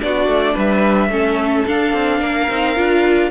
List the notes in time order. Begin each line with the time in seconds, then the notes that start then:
0.00 B3 D4 F#4 D5
0.27 A3
0.54 G3 B4 E5
1.09 A3 C#4 A4
1.67 D4 F5
1.93 C4
2.20 A#3 A#4
2.50 C4 D#4
2.76 D4 F4